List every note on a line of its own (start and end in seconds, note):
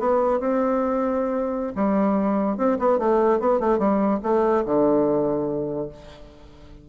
0.00 0.40 B3
0.40 1.74 C4
1.76 2.58 G3
2.58 2.78 C4
2.80 2.99 B3
2.99 3.40 A3
3.40 3.60 B3
3.60 3.79 A3
3.79 4.20 G3
4.23 4.65 A3
4.66 5.89 D3